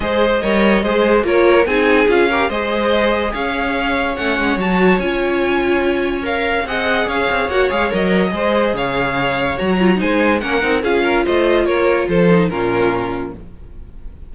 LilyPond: <<
  \new Staff \with { instrumentName = "violin" } { \time 4/4 \tempo 4 = 144 dis''2. cis''4 | gis''4 f''4 dis''2 | f''2 fis''4 a''4 | gis''2. f''4 |
fis''4 f''4 fis''8 f''8 dis''4~ | dis''4 f''2 ais''4 | gis''4 fis''4 f''4 dis''4 | cis''4 c''4 ais'2 | }
  \new Staff \with { instrumentName = "violin" } { \time 4/4 c''4 cis''4 c''4 ais'4 | gis'4. ais'8 c''2 | cis''1~ | cis''1 |
dis''4 cis''2. | c''4 cis''2. | c''4 ais'4 gis'8 ais'8 c''4 | ais'4 a'4 f'2 | }
  \new Staff \with { instrumentName = "viola" } { \time 4/4 gis'4 ais'4 gis'4 f'4 | dis'4 f'8 g'8 gis'2~ | gis'2 cis'4 fis'4 | f'2. ais'4 |
gis'2 fis'8 gis'8 ais'4 | gis'2. fis'8 f'8 | dis'4 cis'8 dis'8 f'2~ | f'4. dis'8 cis'2 | }
  \new Staff \with { instrumentName = "cello" } { \time 4/4 gis4 g4 gis4 ais4 | c'4 cis'4 gis2 | cis'2 a8 gis8 fis4 | cis'1 |
c'4 cis'8 c'8 ais8 gis8 fis4 | gis4 cis2 fis4 | gis4 ais8 c'8 cis'4 a4 | ais4 f4 ais,2 | }
>>